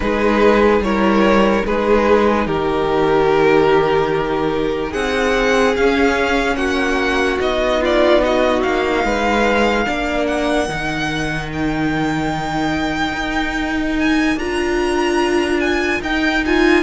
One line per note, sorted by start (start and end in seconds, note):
0.00 0.80 G#3
0.00 0.82 D#4
0.00 0.84 G#4
0.00 0.82 B4
0.80 1.62 G3
0.80 1.65 E4
0.80 1.66 A#4
0.80 1.65 C#5
1.65 2.47 G#3
1.65 5.75 D#4
1.65 2.46 G#4
1.65 2.46 B4
2.46 4.93 D#3
2.46 4.91 G4
2.46 4.92 A#4
4.91 5.76 C4
4.91 6.55 G#4
4.91 5.75 F#5
5.75 7.38 C#4
5.75 6.55 C#4
5.75 6.55 F5
6.55 7.37 A#3
6.55 7.80 F#4
6.55 7.38 F#5
7.38 8.63 B3
7.38 9.84 D#4
7.38 7.82 D#5
7.80 8.21 F4
7.80 8.23 D5
8.23 9.05 F#4
8.23 8.62 D#5
8.62 9.04 A#3
8.62 10.26 F5
9.04 9.86 G#3
9.04 9.85 B4
9.85 10.68 A#3
9.85 10.68 D4
9.85 16.83 A#4
10.26 11.49 F#5
10.68 13.12 D#3
10.68 14.38 D#4
11.53 13.99 G5
13.12 14.35 D#4
13.99 14.38 G#5
14.36 16.00 D4
14.36 16.03 F4
14.36 15.60 A#5
15.60 16.01 G#5
16.01 16.83 D#4
16.01 16.45 D#4
16.01 16.44 G5
16.45 16.83 F4
16.45 16.83 G#5